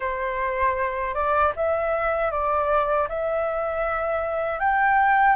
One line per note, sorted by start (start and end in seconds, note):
0.00 1.14 C5
1.14 1.52 D5
1.56 2.31 E5
2.31 3.08 D5
3.08 4.59 E5
4.59 5.36 G5